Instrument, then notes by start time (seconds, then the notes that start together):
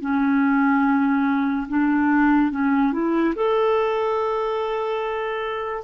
clarinet
0.00 C#4
1.68 D4
2.51 C#4
2.92 E4
3.35 A4